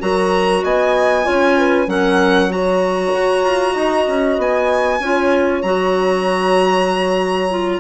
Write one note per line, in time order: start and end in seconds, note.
0.00 0.64 F#3
0.00 1.24 F#4
0.00 0.64 A#4
0.00 0.64 A#5
0.64 1.27 B3
0.64 1.26 D#5
0.64 1.90 G#5
1.24 1.87 C#4
1.24 1.86 F4
1.24 1.57 C#5
1.58 1.89 B4
1.87 3.12 F#3
1.87 2.50 C#4
1.87 2.51 A#4
1.87 2.52 F#5
2.50 5.00 F#4
2.50 3.74 C#5
2.50 4.40 A#5
3.14 3.44 F#4
3.44 3.75 F4
3.74 4.07 D#4
3.74 4.99 D#5
4.07 4.38 C#4
4.38 5.00 B3
4.38 5.62 G#5
5.00 5.62 C#4
5.00 5.64 F4
5.00 7.80 C#5
5.62 7.80 F#3
5.62 7.50 F#4
5.62 7.80 A#5
7.50 7.80 F4